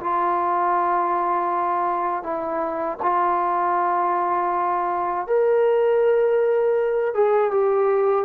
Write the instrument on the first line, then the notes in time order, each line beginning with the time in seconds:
trombone
0.00 F4
2.22 E4
3.02 F4
5.26 A#4
7.14 G#4
7.51 G4